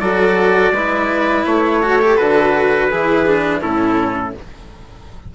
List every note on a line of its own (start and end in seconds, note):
0.00 0.72 F#3
0.00 0.73 F#4
0.00 0.73 A4
0.00 1.45 D5
0.72 1.44 G#3
0.72 1.82 E4
0.72 1.82 B4
1.46 2.18 A3
1.46 2.17 C#5
1.82 2.00 F#4
1.82 2.90 A4
2.01 2.18 G4
2.17 2.92 D3
2.17 2.90 F#4
2.17 3.61 B4
2.90 3.62 E3
2.90 3.26 E4
2.90 3.61 G#4
3.26 3.61 D4
3.61 4.34 A2
3.61 4.33 C#4
3.61 4.33 E4
3.61 4.34 A4